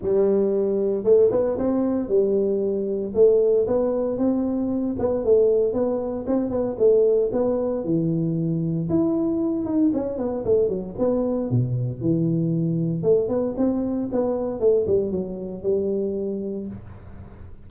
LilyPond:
\new Staff \with { instrumentName = "tuba" } { \time 4/4 \tempo 4 = 115 g2 a8 b8 c'4 | g2 a4 b4 | c'4. b8 a4 b4 | c'8 b8 a4 b4 e4~ |
e4 e'4. dis'8 cis'8 b8 | a8 fis8 b4 b,4 e4~ | e4 a8 b8 c'4 b4 | a8 g8 fis4 g2 | }